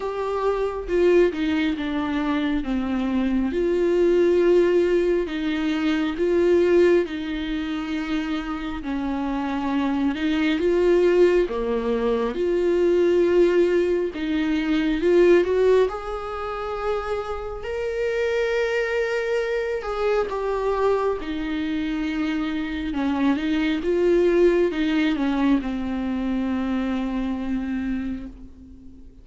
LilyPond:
\new Staff \with { instrumentName = "viola" } { \time 4/4 \tempo 4 = 68 g'4 f'8 dis'8 d'4 c'4 | f'2 dis'4 f'4 | dis'2 cis'4. dis'8 | f'4 ais4 f'2 |
dis'4 f'8 fis'8 gis'2 | ais'2~ ais'8 gis'8 g'4 | dis'2 cis'8 dis'8 f'4 | dis'8 cis'8 c'2. | }